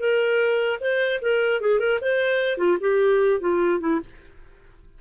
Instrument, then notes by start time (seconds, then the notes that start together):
clarinet
0.00 A#4
0.81 C5
1.22 A#4
1.61 G#4
1.80 A#4
2.02 C5
2.58 F4
2.81 G4
3.41 F4
3.81 E4